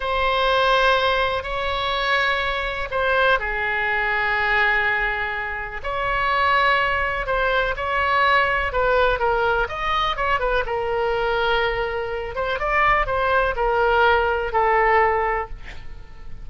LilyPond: \new Staff \with { instrumentName = "oboe" } { \time 4/4 \tempo 4 = 124 c''2. cis''4~ | cis''2 c''4 gis'4~ | gis'1 | cis''2. c''4 |
cis''2 b'4 ais'4 | dis''4 cis''8 b'8 ais'2~ | ais'4. c''8 d''4 c''4 | ais'2 a'2 | }